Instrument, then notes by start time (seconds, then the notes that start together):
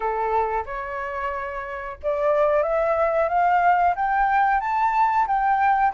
flute
0.00 A4
0.65 C#5
2.02 D5
2.62 E5
3.28 F5
3.95 G5
4.60 A5
5.27 G5